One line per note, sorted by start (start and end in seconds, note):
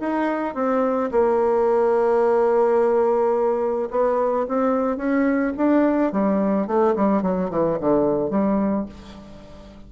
0.00 0.54 D#4
0.54 1.10 C4
1.11 3.89 A#3
3.90 4.46 B3
4.48 4.97 C4
4.97 5.52 C#4
5.57 6.12 D4
6.12 6.67 G3
6.67 6.94 A3
6.96 7.22 G3
7.22 7.49 F#3
7.49 7.77 E3
7.80 8.30 D3
8.30 8.86 G3